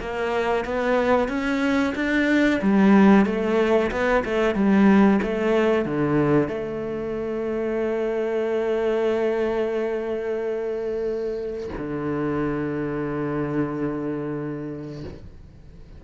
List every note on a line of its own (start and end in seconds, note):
0.00 0.64 A#3
0.64 1.28 B3
1.28 1.93 C#4
1.95 2.60 D4
2.61 3.25 G3
3.25 3.91 A3
3.91 4.23 B3
4.25 4.55 A3
4.55 5.20 G3
5.22 5.85 A3
5.85 6.48 D3
6.48 11.69 A3
11.77 15.04 D3